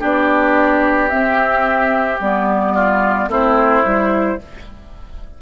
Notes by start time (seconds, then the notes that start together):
0.00 B3 D4 G4 D5
1.09 C4 E5
2.20 G3 B3 D5
2.75 F4
3.28 A3 C4 E4 C5
3.84 G3 E4